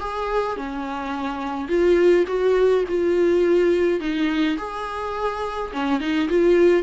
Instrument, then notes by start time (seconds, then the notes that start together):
viola
0.00 G#4
0.57 C#4
1.68 F4
2.27 F#4
2.88 F4
4.00 D#4
4.58 G#4
5.73 C#4
6.00 D#4
6.29 F4